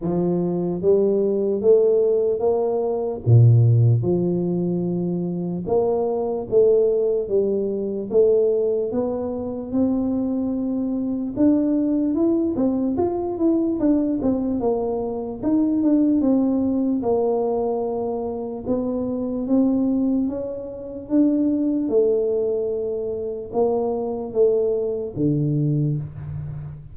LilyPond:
\new Staff \with { instrumentName = "tuba" } { \time 4/4 \tempo 4 = 74 f4 g4 a4 ais4 | ais,4 f2 ais4 | a4 g4 a4 b4 | c'2 d'4 e'8 c'8 |
f'8 e'8 d'8 c'8 ais4 dis'8 d'8 | c'4 ais2 b4 | c'4 cis'4 d'4 a4~ | a4 ais4 a4 d4 | }